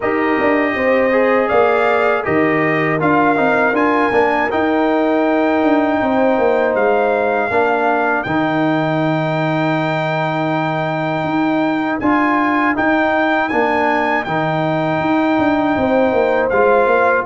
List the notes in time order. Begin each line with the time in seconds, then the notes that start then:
0.00 D#4 G4 A#4 D#5
0.40 D4
0.75 C4 C5
1.11 G#4
1.48 A#3 D5 F5
2.23 D#3 G4 A#4 D#5
2.99 D4 F4 F5
3.35 C4 D#4
3.72 D4 F4 G#5
4.11 A#3 D4
4.51 D#4 G5
5.63 D4
6.01 C4 C5
6.38 A#3
6.75 G#3 F5
7.50 A#3 D4 A#4
8.23 D#3 D#4 G5
11.23 D#4
11.99 D4 F4 G#5
12.75 D#4 G5
13.49 A#3 D4 G#5
14.24 D#3 D#4 G5
15.00 D#4
15.38 D4
15.76 C4 C5
16.12 A#3
16.49 G#3 F4 F5
16.86 A#3